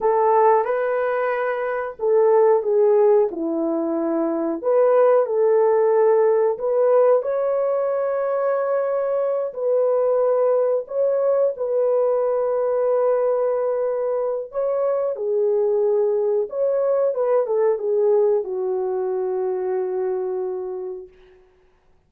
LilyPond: \new Staff \with { instrumentName = "horn" } { \time 4/4 \tempo 4 = 91 a'4 b'2 a'4 | gis'4 e'2 b'4 | a'2 b'4 cis''4~ | cis''2~ cis''8 b'4.~ |
b'8 cis''4 b'2~ b'8~ | b'2 cis''4 gis'4~ | gis'4 cis''4 b'8 a'8 gis'4 | fis'1 | }